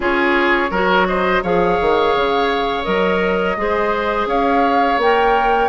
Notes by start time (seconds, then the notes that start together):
0.00 C#4 F4 G#4 C#5
0.71 F#3 F#4 A#4
1.07 C5 D#5
1.43 F3 G#4 C#5 F5
1.80 D#3
2.15 C#3
2.83 F#3 A#4 D#5
3.56 G#3 G#4 C5
4.26 C#4 C#5 F5
4.97 A#3 A#4 G5